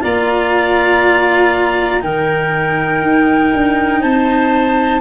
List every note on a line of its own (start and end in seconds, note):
0.00 2.03 A#3
0.00 2.00 F4
0.00 2.02 D5
0.00 2.02 A#5
2.00 3.02 D#3
2.00 5.00 D#4
2.00 4.00 A#4
2.00 4.01 G5
3.02 3.52 D#4
3.53 4.02 D4
4.00 5.00 C4
4.00 5.00 C5
4.00 5.00 A5